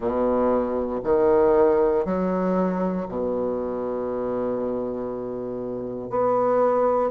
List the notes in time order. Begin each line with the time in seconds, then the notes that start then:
0.00 B2
1.04 D#3
2.05 F#3
3.08 B2
6.10 B3